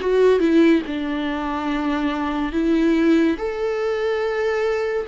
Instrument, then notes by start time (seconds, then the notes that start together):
viola
0.00 F#4
0.39 E4
0.86 D4
2.52 E4
3.37 A4